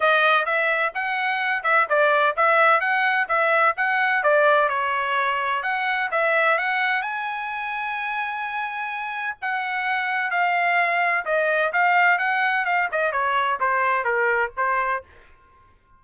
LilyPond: \new Staff \with { instrumentName = "trumpet" } { \time 4/4 \tempo 4 = 128 dis''4 e''4 fis''4. e''8 | d''4 e''4 fis''4 e''4 | fis''4 d''4 cis''2 | fis''4 e''4 fis''4 gis''4~ |
gis''1 | fis''2 f''2 | dis''4 f''4 fis''4 f''8 dis''8 | cis''4 c''4 ais'4 c''4 | }